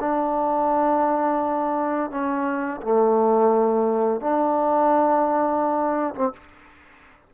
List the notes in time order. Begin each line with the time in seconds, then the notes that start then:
0.00 D4
2.11 C#4
2.82 A3
4.21 D4
6.15 C4